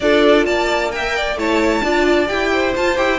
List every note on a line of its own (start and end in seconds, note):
0.00 0.45 D4
0.00 0.90 F4
0.00 0.46 A4
0.00 0.45 D5
0.45 1.35 A#3
0.45 0.92 D5
0.45 0.91 A5
0.90 1.36 A#4
0.90 1.16 E5
0.90 1.37 G5
1.16 1.39 D5
1.35 1.81 A3
1.35 1.83 E4
1.35 1.82 C#5
1.35 2.27 A5
1.82 2.29 D4
1.82 2.27 F4
1.82 2.51 D5
2.27 2.76 E4
2.27 2.72 G4
2.27 2.73 G5
2.52 3.18 C5
2.75 2.96 F4
2.75 2.98 F4
2.75 2.96 A5
2.96 3.18 E4
2.96 3.18 G4
2.96 3.18 G5